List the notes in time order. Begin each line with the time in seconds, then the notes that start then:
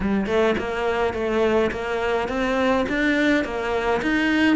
0.00 G3
0.26 A3
0.58 A#3
1.13 A3
1.71 A#3
2.28 C4
2.89 D4
3.44 A#3
4.02 D#4